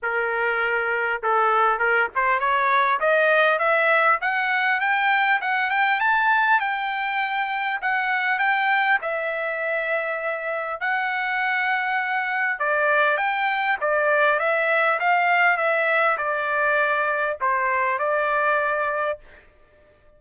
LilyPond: \new Staff \with { instrumentName = "trumpet" } { \time 4/4 \tempo 4 = 100 ais'2 a'4 ais'8 c''8 | cis''4 dis''4 e''4 fis''4 | g''4 fis''8 g''8 a''4 g''4~ | g''4 fis''4 g''4 e''4~ |
e''2 fis''2~ | fis''4 d''4 g''4 d''4 | e''4 f''4 e''4 d''4~ | d''4 c''4 d''2 | }